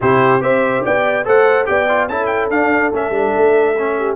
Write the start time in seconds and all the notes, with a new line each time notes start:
0.00 C3 E4 G4 C5
0.40 C4 G4 C5 E5
0.83 B3 D5 G5
1.24 A3 A4 C5 F#5
1.65 B3 G4 D5 G5
1.88 F4
2.08 C#4 E4 A4 A5
2.26 G5
2.50 D4 F5
2.92 A3 C#4 E5
3.10 G3 D4
3.36 A3
3.78 C#4
3.97 G4